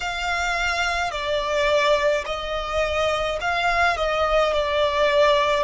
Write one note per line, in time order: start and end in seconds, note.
0.00 1.11 F5
1.11 2.24 D5
2.25 3.39 D#5
3.41 3.96 F5
3.96 4.52 D#5
4.52 5.63 D5